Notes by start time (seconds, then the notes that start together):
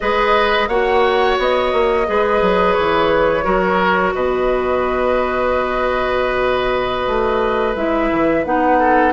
0.00 G#3 G#4 B4 D#5
0.68 A#3 F#4 C#5 F#5
1.38 B3 D#5
1.72 A#3
2.06 G#3 G#4 B4
2.41 F#3
2.73 E3 C#5
3.43 F#3 F#4 A#4
4.14 B2 B4 D#5
7.06 A3
7.75 G#3 E4 E5
8.11 E3
8.44 B3 D#4 F#5
8.78 A4